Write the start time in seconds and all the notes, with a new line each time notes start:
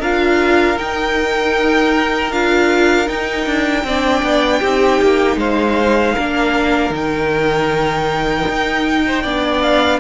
0.00 D4 F4 A#4 F5
0.77 D#4 G5
2.31 D4 F4 F5
3.06 D#4 G5
3.46 D4
3.84 C4 D4 D5
4.22 B3
4.60 C4 D#4 G4
5.01 A#3
5.36 G#3 C5 F5
6.14 A#3 D4 A#4
6.90 D#3 D#4
6.96 G5
8.49 D#4
9.07 C5
9.22 B3 D4 D5
9.61 F5